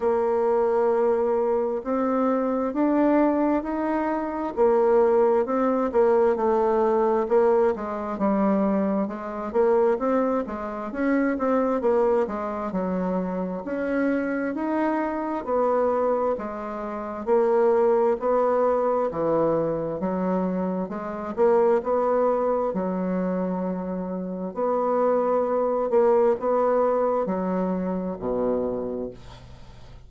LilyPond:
\new Staff \with { instrumentName = "bassoon" } { \time 4/4 \tempo 4 = 66 ais2 c'4 d'4 | dis'4 ais4 c'8 ais8 a4 | ais8 gis8 g4 gis8 ais8 c'8 gis8 | cis'8 c'8 ais8 gis8 fis4 cis'4 |
dis'4 b4 gis4 ais4 | b4 e4 fis4 gis8 ais8 | b4 fis2 b4~ | b8 ais8 b4 fis4 b,4 | }